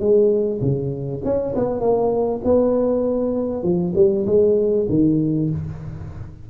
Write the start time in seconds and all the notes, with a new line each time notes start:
0.00 G#3
0.62 C#3
1.25 C#4
1.56 B3
1.81 A#3
2.45 B3
3.63 F3
3.95 G3
4.26 G#3
4.90 D#3